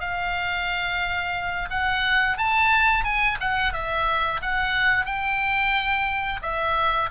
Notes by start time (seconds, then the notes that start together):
0.00 F5
1.70 F#5
2.37 A5
3.04 G#5
3.40 F#5
3.73 E5
4.42 F#5
5.05 G5
6.42 E5